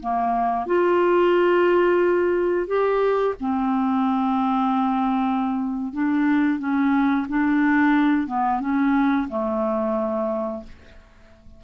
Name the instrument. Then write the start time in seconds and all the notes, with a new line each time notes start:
clarinet
0.00 A#3
0.66 F4
2.68 G4
3.41 C4
5.93 D4
6.59 C#4
7.29 D4
8.27 B3
8.61 C#4
9.29 A3